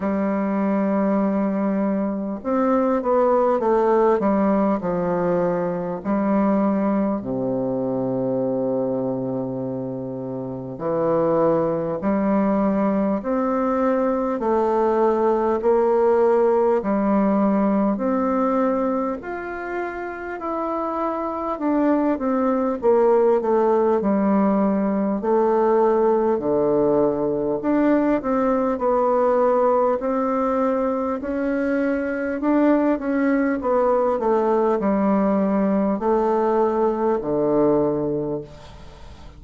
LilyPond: \new Staff \with { instrumentName = "bassoon" } { \time 4/4 \tempo 4 = 50 g2 c'8 b8 a8 g8 | f4 g4 c2~ | c4 e4 g4 c'4 | a4 ais4 g4 c'4 |
f'4 e'4 d'8 c'8 ais8 a8 | g4 a4 d4 d'8 c'8 | b4 c'4 cis'4 d'8 cis'8 | b8 a8 g4 a4 d4 | }